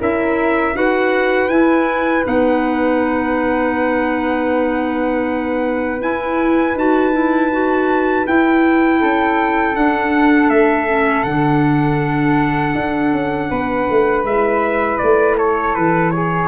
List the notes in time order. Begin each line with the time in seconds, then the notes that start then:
0.00 C#4 E4 A#4 E5
0.74 D#4 F#4 B4 F#5
1.49 E4 G#5
2.23 B3 D#4 F#5
6.01 E4 G#5
6.75 D#4 F#4 A5
7.12 E4
7.52 F#4
8.26 E4 G5
9.00 C#4 A4
9.75 D4 F#5
10.49 A3 E5
10.88 C#4
11.23 D3 D4 F#5
12.75 D4
13.12 C#4
13.50 B3 B4
13.90 A3
14.24 G#3 E4 E5
14.98 A3 D5
15.38 A4 C#5
15.75 E3 B4
16.11 G#4 C#5